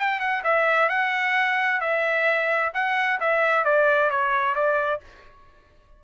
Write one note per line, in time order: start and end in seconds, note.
0.00 0.20 G5
0.20 0.43 F#5
0.45 0.90 E5
0.90 1.81 F#5
1.81 2.73 E5
2.74 3.20 F#5
3.21 3.65 E5
3.65 4.11 D5
4.11 4.55 C#5
4.55 5.01 D5